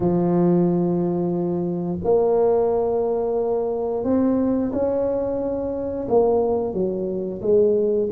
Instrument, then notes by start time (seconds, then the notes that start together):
tuba
0.00 F3
2.04 A#3
4.04 C4
4.72 C#4
6.08 A#3
6.73 F#3
7.41 G#3